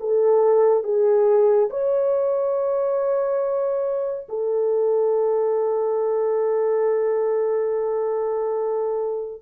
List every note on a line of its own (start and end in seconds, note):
0.00 0.83 A4
0.83 1.69 G#4
1.70 4.27 C#5
4.29 9.42 A4